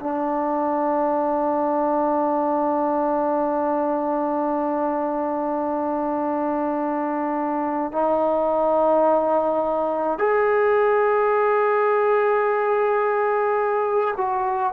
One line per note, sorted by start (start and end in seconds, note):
0.00 7.92 D4
7.92 10.19 D#4
10.19 14.15 G#4
14.17 14.73 F#4